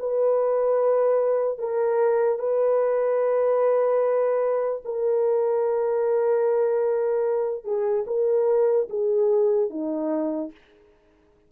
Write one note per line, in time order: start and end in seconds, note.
0.00 1.59 B4
1.59 2.39 A#4
2.39 4.82 B4
4.85 7.65 A#4
7.65 8.05 G#4
8.07 8.89 A#4
8.90 9.70 G#4
9.70 10.51 D#4